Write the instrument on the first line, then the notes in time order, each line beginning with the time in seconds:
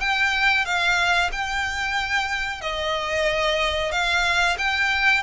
violin
0.00 G5
0.66 F5
1.32 G5
2.61 D#5
3.92 F5
4.58 G5